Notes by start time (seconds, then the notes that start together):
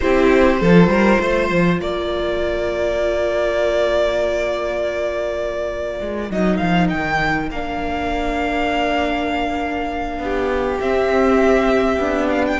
0.00 C4 E4 G4 C5
0.60 F3 F4 A4
0.87 G3 A#4
1.20 A3 C5
1.50 F3
1.80 A#3 A#4 D5
6.00 G#3
6.29 F#3 D#4 D#5
6.57 F3 F5
6.89 D#3 G5
7.50 A#3 D4 F5
10.18 B3 G4
10.80 C4 E5
11.98 B3 D4
12.29 F5
12.47 G5